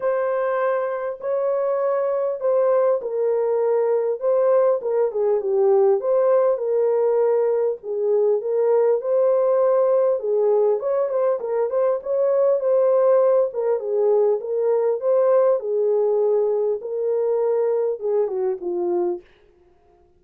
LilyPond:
\new Staff \with { instrumentName = "horn" } { \time 4/4 \tempo 4 = 100 c''2 cis''2 | c''4 ais'2 c''4 | ais'8 gis'8 g'4 c''4 ais'4~ | ais'4 gis'4 ais'4 c''4~ |
c''4 gis'4 cis''8 c''8 ais'8 c''8 | cis''4 c''4. ais'8 gis'4 | ais'4 c''4 gis'2 | ais'2 gis'8 fis'8 f'4 | }